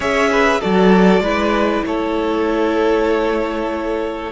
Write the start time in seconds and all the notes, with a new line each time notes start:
0.00 C#4 G#4 C#5 E5
0.31 B4
0.60 F#3 F#4 A4 D5
1.20 G#3 E4 B4
1.85 A3 A4 C#5